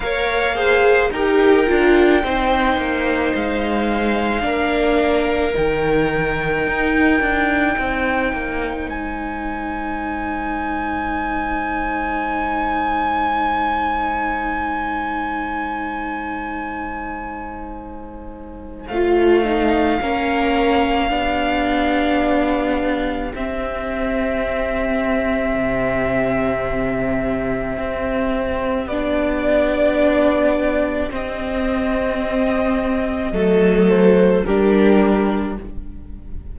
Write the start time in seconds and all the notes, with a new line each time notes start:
0.00 A#3 A#4 C#5 F5
0.54 G#4 C5
1.10 D#4 G4 A#4 G5
1.66 D4 F4
2.23 C4 D#4 C5
2.77 A#3
3.35 G#3 F5
4.41 A#3 D4 A#4
5.53 D#3 D#4 G5
6.66 D#4
7.20 D4
7.76 C4 C5
8.32 A#3
8.87 G#3 G#5
18.87 A3 F5
18.94 F4
19.44 D#4
20.00 A#3 C#4 A#4
21.09 B3 D4 G4
23.34 C4 E5
25.54 C3
27.78 C4
28.86 B3 D4 D5
31.10 C4 D#5
33.31 F#3 A3 A4
33.89 C5
34.44 G3 D4 G4 A#4